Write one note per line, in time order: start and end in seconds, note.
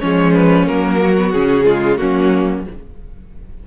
0.00 0.68 F3
0.00 0.67 G#3
0.00 1.00 C#4
0.00 0.33 C#5
0.34 0.66 B4
0.67 1.34 F#3
0.67 1.16 A#3
0.67 1.32 A#4
1.02 1.66 F#4
1.18 1.34 B3
1.32 2.01 C#3
1.32 1.65 C#4
1.32 1.97 G#4
1.65 1.98 G#3
1.65 1.98 F4
1.97 2.67 F#3
1.97 2.64 A#3
1.97 2.66 C#4
1.97 2.63 F#4